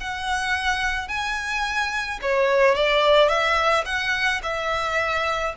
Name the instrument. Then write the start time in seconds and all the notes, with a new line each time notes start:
violin
0.00 F#5
1.08 G#5
2.22 C#5
2.75 D5
3.29 E5
3.85 F#5
4.43 E5